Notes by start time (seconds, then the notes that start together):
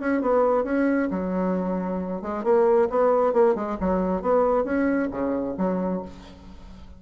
0.00 C#4
0.22 B3
0.64 C#4
1.11 F#3
2.22 G#3
2.44 A#3
2.90 B3
3.33 A#3
3.56 G#3
3.81 F#3
4.22 B3
4.65 C#4
5.11 C#3
5.58 F#3